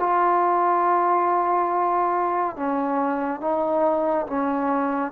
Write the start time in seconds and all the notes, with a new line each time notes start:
0.00 F4
2.56 C#4
3.41 D#4
4.27 C#4